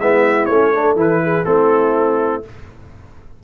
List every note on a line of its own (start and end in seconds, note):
0.00 0.49 G#3
0.00 0.51 B3
0.00 0.74 E4
0.00 0.46 E5
0.46 0.96 A3
0.46 0.95 C#5
0.52 0.74 C#4
0.74 0.97 D4
0.74 1.23 A4
0.96 1.45 E3
0.96 1.45 E4
0.96 1.45 B4
1.23 1.46 G#4
1.45 2.44 A3
1.45 2.43 C4
1.45 2.44 E4
1.45 2.43 A4